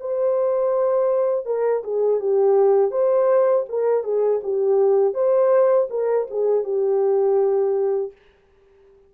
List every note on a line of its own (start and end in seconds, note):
0.00 1.46 C5
1.46 1.83 A#4
1.84 2.20 G#4
2.20 2.91 G4
2.91 3.65 C5
3.69 4.04 A#4
4.04 4.41 G#4
4.43 5.14 G4
5.14 5.88 C5
5.90 6.27 A#4
6.30 6.64 G#4
6.64 8.12 G4